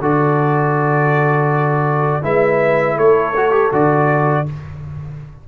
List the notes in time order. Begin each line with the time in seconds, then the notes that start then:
0.00 D3 F#4 A4 D5
2.23 G#3 E4 B4 E5
2.96 A3 A4 C#5
3.37 F#4
3.52 G4
3.72 D3 F#4 D5